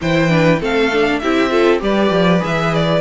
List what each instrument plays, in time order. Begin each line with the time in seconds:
0.01 cello E3, viola E4, violin C5 G5
0.28 viola D4, violin B4
0.60 cello A3, viola C4, violin A4 F5
0.92 viola D4
1.19 cello C4, viola E4, violin G4 E5
1.49 viola F4, violin A4
1.79 cello G3, viola G4, violin B4 D5
2.10 cello F3
2.39 cello E3, viola G#4, violin E5
2.74 violin D5